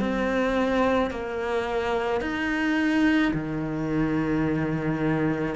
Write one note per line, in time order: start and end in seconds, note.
0.00 1.11 C4
1.11 2.21 A#3
2.21 3.32 D#4
3.33 5.56 D#3